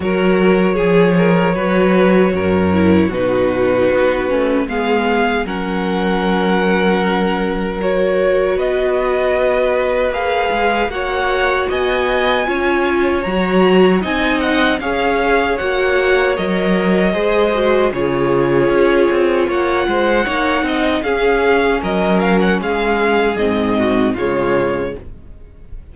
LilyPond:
<<
  \new Staff \with { instrumentName = "violin" } { \time 4/4 \tempo 4 = 77 cis''1 | b'2 f''4 fis''4~ | fis''2 cis''4 dis''4~ | dis''4 f''4 fis''4 gis''4~ |
gis''4 ais''4 gis''8 fis''8 f''4 | fis''4 dis''2 cis''4~ | cis''4 fis''2 f''4 | dis''8 f''16 fis''16 f''4 dis''4 cis''4 | }
  \new Staff \with { instrumentName = "violin" } { \time 4/4 ais'4 gis'8 ais'8 b'4 ais'4 | fis'2 gis'4 ais'4~ | ais'2. b'4~ | b'2 cis''4 dis''4 |
cis''2 dis''4 cis''4~ | cis''2 c''4 gis'4~ | gis'4 cis''8 c''8 cis''8 dis''8 gis'4 | ais'4 gis'4. fis'8 f'4 | }
  \new Staff \with { instrumentName = "viola" } { \time 4/4 fis'4 gis'4 fis'4. e'8 | dis'4. cis'8 b4 cis'4~ | cis'2 fis'2~ | fis'4 gis'4 fis'2 |
f'4 fis'4 dis'4 gis'4 | fis'4 ais'4 gis'8 fis'8 f'4~ | f'2 dis'4 cis'4~ | cis'2 c'4 gis4 | }
  \new Staff \with { instrumentName = "cello" } { \time 4/4 fis4 f4 fis4 fis,4 | b,4 b8 a8 gis4 fis4~ | fis2. b4~ | b4 ais8 gis8 ais4 b4 |
cis'4 fis4 c'4 cis'4 | ais4 fis4 gis4 cis4 | cis'8 c'8 ais8 gis8 ais8 c'8 cis'4 | fis4 gis4 gis,4 cis4 | }
>>